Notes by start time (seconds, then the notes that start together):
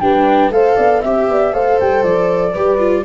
0.00 G3 D4 B4 G5
0.50 A3 A4 C5 F5
0.76 B3 D5
1.02 C4 G4 E5
1.28 B3 D5
1.53 A3 A4 C5 F5
1.80 G3 G5
2.03 F3 D5
2.52 G3 G4 B4
2.79 F4